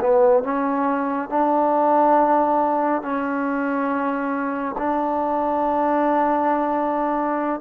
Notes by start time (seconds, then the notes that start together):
0.00 B3
0.43 C#4
1.29 D4
3.02 C#4
4.78 D4